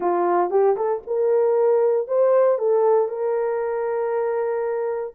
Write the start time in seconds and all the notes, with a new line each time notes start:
0.00 F4
0.50 G4
0.76 A4
1.06 A#4
2.07 C5
2.58 A4
3.08 A#4